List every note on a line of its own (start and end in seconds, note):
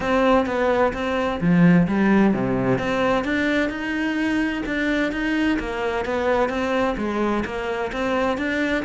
0.00 0.46 C4
0.46 0.92 B3
0.93 1.40 C4
1.40 1.87 F3
1.87 2.33 G3
2.33 2.78 C3
2.78 3.24 C4
3.24 3.69 D4
3.69 4.62 D#4
4.66 5.11 D4
5.11 5.58 D#4
5.59 6.05 A#3
6.05 6.49 B3
6.49 6.95 C4
6.97 7.43 G#3
7.45 7.91 A#3
7.92 8.37 C4
8.37 8.84 D4